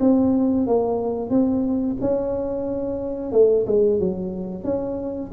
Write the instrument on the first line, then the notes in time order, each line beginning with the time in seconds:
tuba
0.00 C4
0.67 A#3
1.30 C4
2.01 C#4
3.32 A3
3.67 G#3
4.00 F#3
4.64 C#4